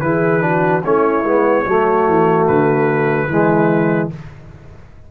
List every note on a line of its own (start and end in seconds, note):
0.00 0.82 E3
0.00 0.40 E4
0.00 0.43 G#4
0.00 0.81 B4
0.40 0.81 D4
0.40 0.84 F#4
0.83 1.23 A3
0.83 1.24 C#4
0.83 1.65 E4
0.83 2.46 C#5
1.23 1.64 G#3
1.23 1.65 B3
1.65 2.07 F#3
1.65 3.28 A3
1.65 3.27 F#4
2.07 2.48 E3
2.46 3.27 D3
2.46 4.08 B4
3.27 4.08 E3
3.27 4.10 G#3
3.27 4.11 E4